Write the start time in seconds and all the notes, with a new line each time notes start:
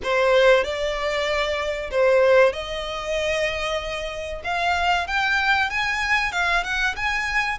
0.03 C5
0.63 D5
1.90 C5
2.52 D#5
4.44 F5
5.07 G5
5.70 G#5
6.32 F5
6.63 F#5
6.96 G#5